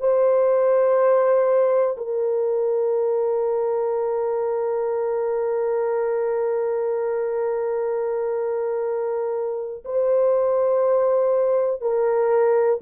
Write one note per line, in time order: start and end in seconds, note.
0.00 1.97 C5
1.97 9.84 A#4
9.85 11.81 C5
11.81 12.80 A#4